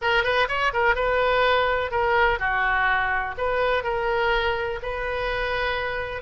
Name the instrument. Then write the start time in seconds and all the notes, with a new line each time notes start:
oboe
0.01 A#4
0.23 B4
0.48 C#5
0.73 A#4
0.95 B4
1.91 A#4
2.39 F#4
3.37 B4
3.83 A#4
4.82 B4